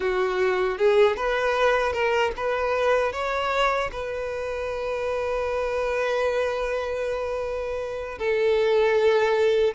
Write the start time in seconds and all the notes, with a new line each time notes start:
0.00 F#4
0.78 G#4
1.16 B4
1.92 A#4
2.36 B4
3.12 C#5
3.92 B4
8.18 A4